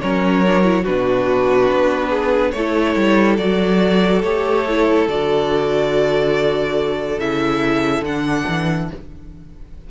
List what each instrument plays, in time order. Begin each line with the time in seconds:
0.00 cello F#3, viola C#4, violin A#4 C#5
0.46 viola D4
0.62 viola E4
0.83 cello B2, viola D4, violin F#4 B4
1.70 cello B3
2.09 violin G#4
2.51 cello A3, violin A4 C#5
2.57 viola E4
2.95 cello G3
3.37 cello F#3, viola F#4, violin D5
4.22 cello A3, viola G4, violin C#5
4.67 viola E4
5.07 cello D3, viola F#4, violin D5
7.18 cello C#3, viola E4, violin E5
8.01 cello D3, viola D4, violin F#5
8.48 cello E3